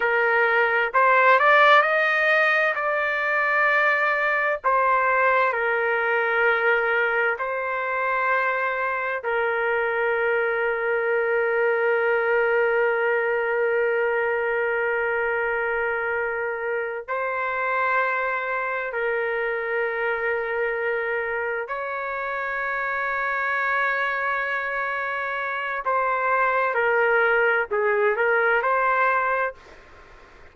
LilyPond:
\new Staff \with { instrumentName = "trumpet" } { \time 4/4 \tempo 4 = 65 ais'4 c''8 d''8 dis''4 d''4~ | d''4 c''4 ais'2 | c''2 ais'2~ | ais'1~ |
ais'2~ ais'8 c''4.~ | c''8 ais'2. cis''8~ | cis''1 | c''4 ais'4 gis'8 ais'8 c''4 | }